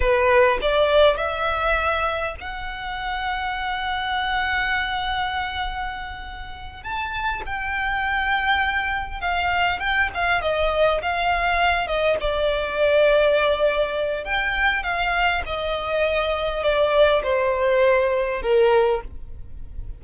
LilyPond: \new Staff \with { instrumentName = "violin" } { \time 4/4 \tempo 4 = 101 b'4 d''4 e''2 | fis''1~ | fis''2.~ fis''8 a''8~ | a''8 g''2. f''8~ |
f''8 g''8 f''8 dis''4 f''4. | dis''8 d''2.~ d''8 | g''4 f''4 dis''2 | d''4 c''2 ais'4 | }